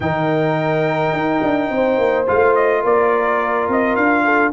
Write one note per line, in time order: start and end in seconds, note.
0.00 1.12 D#3
0.00 2.26 D#4
0.00 1.72 A#4
0.00 2.25 G5
1.12 1.41 D#4
1.42 1.69 D4
1.69 1.97 C4
1.69 2.82 C5
1.98 2.26 A#3
2.26 2.84 A3
2.26 4.53 F4
2.26 2.54 F5
2.54 2.83 D#5
2.82 3.68 A#3
2.82 4.23 A#4
2.82 3.70 D5
3.68 3.96 C4
3.68 3.95 D#5
3.95 4.53 D4
3.95 4.52 F5
4.24 4.52 A4